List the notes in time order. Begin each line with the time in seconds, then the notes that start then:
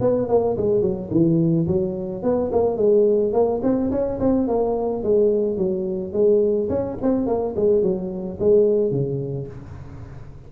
0.00 B3
0.28 A#3
0.57 G#3
0.81 F#3
1.10 E3
1.67 F#3
2.23 B3
2.52 A#3
2.77 G#3
3.32 A#3
3.62 C4
3.91 C#4
4.19 C4
4.47 A#3
5.03 G#3
5.57 F#3
6.12 G#3
6.69 C#4
7.01 C4
7.26 A#3
7.56 G#3
7.82 F#3
8.39 G#3
8.91 C#3